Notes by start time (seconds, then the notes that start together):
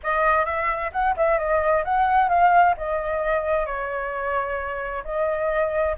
0.03 D#5
0.45 E5
0.92 F#5
1.16 E5
1.38 D#5
1.84 F#5
2.28 F5
2.77 D#5
3.65 C#5
5.04 D#5